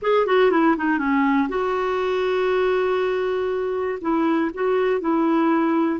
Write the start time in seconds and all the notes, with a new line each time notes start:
0.01 G#4
0.26 F#4
0.51 E4
0.77 D#4
0.98 C#4
1.49 F#4
4.01 E4
4.54 F#4
5.00 E4